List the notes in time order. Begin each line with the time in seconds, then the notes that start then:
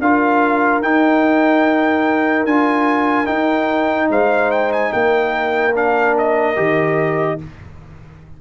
0.00 D4 F4 A#4 F5
0.82 D#4 G5
2.45 D4 F4 G#5
3.26 D#4 G5
4.10 G#3 C5 F5
4.51 G5
4.72 G#5
4.93 A#3 A#4 G5
5.75 D4 F5
6.18 D#5
6.56 D#3 G4